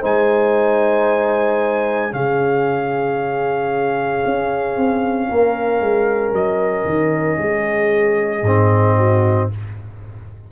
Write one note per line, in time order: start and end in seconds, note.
0.00 2.13 G#3
0.00 2.10 D#4
0.00 2.11 C5
0.00 2.13 G#5
2.10 4.24 C#3
2.10 8.42 C#4
2.10 5.29 G#4
2.10 6.34 F5
4.26 4.76 C#4
4.76 5.29 C4
5.29 5.80 A#3
5.29 7.39 A#4
5.80 6.32 G#3
6.32 6.84 F#3
6.32 9.51 D#5
6.85 7.37 D#3
7.38 8.43 G#3
7.38 8.97 G#4
8.43 9.48 G#2
8.43 9.52 C4
8.97 9.50 F#4